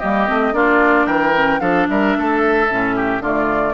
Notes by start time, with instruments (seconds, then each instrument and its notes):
0.00 bassoon G3, clarinet A#3, oboe G4, flute D#5
0.28 bassoon A3, clarinet C4
0.53 bassoon A#3, clarinet D4, oboe F4, flute D5
1.07 bassoon E3, oboe A#4, flute G5
1.36 clarinet C#4
1.60 bassoon F3, clarinet D4, oboe A4, flute F5
1.89 bassoon G3, oboe A#4, flute E5
2.18 bassoon A3, oboe A4
2.71 bassoon A2, clarinet C#4
2.96 oboe G4
3.20 bassoon D3, clarinet A3, oboe F4, flute D5